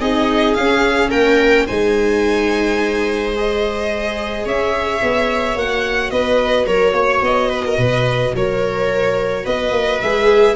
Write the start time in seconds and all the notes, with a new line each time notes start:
0.00 C4 D#4 G#4 D#5
0.54 C#4 F5
1.11 A#3 A#4 G5
1.66 G#3 D#4 C5 G#5
3.36 G#4 D#5
4.45 C#4 C#5 E5
5.03 B3
5.56 A#3 F#4 F#5
6.11 B3 B4 D#5
6.67 F#3 A#4 C#5
6.93 A#3 C#5
7.22 B3 D#5
7.49 B4
7.66 A#4
7.78 B2 B4
8.34 F#3 A#4 C#5
9.45 B3 B4 D#5
9.72 A#3
10.01 G#3 G#4 E5